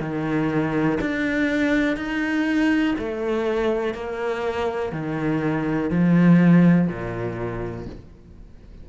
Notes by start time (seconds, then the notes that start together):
0.00 D#3
1.01 D4
1.97 D#4
2.99 A3
3.94 A#3
4.92 D#3
5.90 F3
6.88 A#2